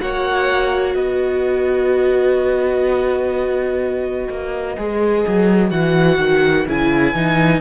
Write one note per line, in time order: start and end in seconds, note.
0.00 0.95 A#3
0.00 4.76 F#4
0.00 0.96 C#5
0.00 0.95 F#5
0.95 4.29 B3
0.95 7.61 B4
0.95 5.71 D#5
4.30 4.77 A#3
4.77 5.26 G#3
4.77 5.70 G#4
5.28 5.72 F#3
5.70 6.18 E3
5.70 6.66 F#4
5.70 6.66 F#5
6.18 6.66 D#3
6.68 7.14 C#3
6.68 7.15 E4
6.68 7.61 G#5
7.14 7.61 E3
7.14 7.61 D#4